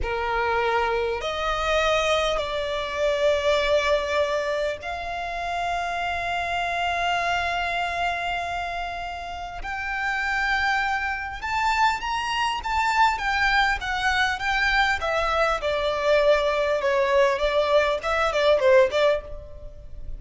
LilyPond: \new Staff \with { instrumentName = "violin" } { \time 4/4 \tempo 4 = 100 ais'2 dis''2 | d''1 | f''1~ | f''1 |
g''2. a''4 | ais''4 a''4 g''4 fis''4 | g''4 e''4 d''2 | cis''4 d''4 e''8 d''8 c''8 d''8 | }